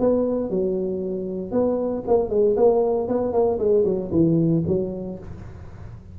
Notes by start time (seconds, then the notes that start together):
0.00 B3
0.50 F#3
1.52 B3
2.08 A#3
2.30 G#3
2.57 A#3
3.08 B3
3.33 A#3
3.59 G#3
3.85 F#3
4.12 E3
4.67 F#3